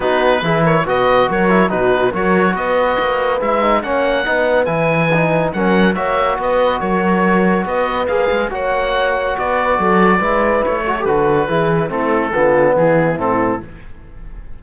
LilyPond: <<
  \new Staff \with { instrumentName = "oboe" } { \time 4/4 \tempo 4 = 141 b'4. cis''8 dis''4 cis''4 | b'4 cis''4 dis''2 | e''4 fis''2 gis''4~ | gis''4 fis''4 e''4 dis''4 |
cis''2 dis''4 f''4 | fis''2 d''2~ | d''4 cis''4 b'2 | a'2 gis'4 a'4 | }
  \new Staff \with { instrumentName = "horn" } { \time 4/4 fis'4 gis'8 ais'8 b'4 ais'4 | fis'4 ais'4 b'2~ | b'4 cis''4 b'2~ | b'4 ais'4 cis''4 b'4 |
ais'2 b'2 | cis''2 b'4 a'4 | b'4. a'4. gis'4 | e'4 f'4 e'2 | }
  \new Staff \with { instrumentName = "trombone" } { \time 4/4 dis'4 e'4 fis'4. e'8 | dis'4 fis'2. | e'8 dis'8 cis'4 dis'4 e'4 | dis'4 cis'4 fis'2~ |
fis'2. gis'4 | fis'1 | e'4. fis'16 g'16 fis'4 e'4 | c'4 b2 c'4 | }
  \new Staff \with { instrumentName = "cello" } { \time 4/4 b4 e4 b,4 fis4 | b,4 fis4 b4 ais4 | gis4 ais4 b4 e4~ | e4 fis4 ais4 b4 |
fis2 b4 ais8 gis8 | ais2 b4 fis4 | gis4 a4 d4 e4 | a4 d4 e4 a,4 | }
>>